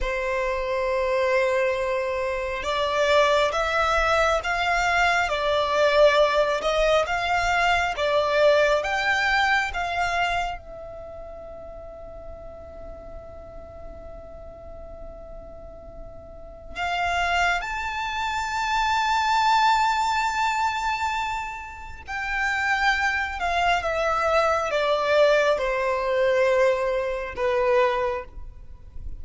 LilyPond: \new Staff \with { instrumentName = "violin" } { \time 4/4 \tempo 4 = 68 c''2. d''4 | e''4 f''4 d''4. dis''8 | f''4 d''4 g''4 f''4 | e''1~ |
e''2. f''4 | a''1~ | a''4 g''4. f''8 e''4 | d''4 c''2 b'4 | }